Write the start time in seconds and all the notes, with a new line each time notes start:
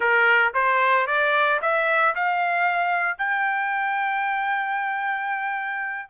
0.00 A#4
0.54 C5
1.06 D5
1.61 E5
2.15 F5
3.17 G5